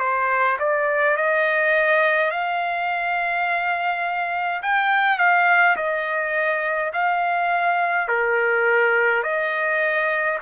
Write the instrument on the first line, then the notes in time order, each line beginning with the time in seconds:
trumpet
0.00 C5
0.59 D5
1.17 D#5
2.31 F5
4.63 G5
5.19 F5
5.77 D#5
6.93 F5
8.08 A#4
9.24 D#5